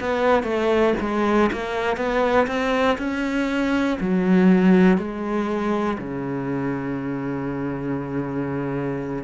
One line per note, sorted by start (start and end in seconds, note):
0.00 0.43 B3
0.43 0.93 A3
1.00 1.50 G#3
1.52 1.97 A#3
1.97 2.47 B3
2.47 2.97 C4
2.98 3.98 C#4
4.00 4.97 F#3
4.97 5.97 G#3
5.98 9.23 C#3